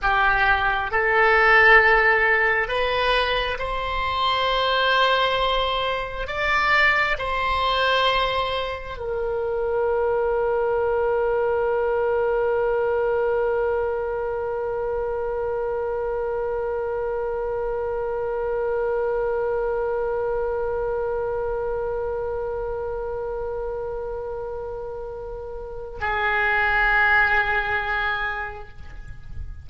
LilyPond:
\new Staff \with { instrumentName = "oboe" } { \time 4/4 \tempo 4 = 67 g'4 a'2 b'4 | c''2. d''4 | c''2 ais'2~ | ais'1~ |
ais'1~ | ais'1~ | ais'1~ | ais'4 gis'2. | }